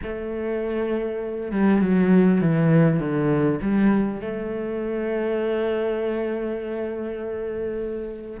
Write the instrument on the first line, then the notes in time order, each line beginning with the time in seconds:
cello
0.02 A3
1.51 G3
1.81 F#3
2.41 E3
2.99 D3
3.61 G3
4.20 A3